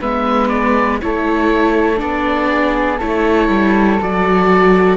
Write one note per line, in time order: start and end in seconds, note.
0.00 1.01 G#3
0.00 1.02 B3
0.00 1.00 B4
0.00 0.49 E5
0.49 0.99 D5
1.01 2.02 A3
1.01 1.97 E4
1.01 2.49 A4
1.01 2.00 C#5
1.97 3.02 B3
1.97 2.97 D4
1.97 3.00 D5
2.49 2.98 G#4
2.98 3.49 A3
2.98 4.00 E4
2.98 4.97 A4
2.98 4.01 C#5
3.49 3.99 G3
4.00 4.97 F#3
4.00 4.97 F#4
4.00 4.97 D5